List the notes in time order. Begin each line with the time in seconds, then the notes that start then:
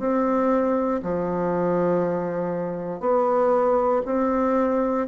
0.00 C4
1.03 F3
3.01 B3
4.06 C4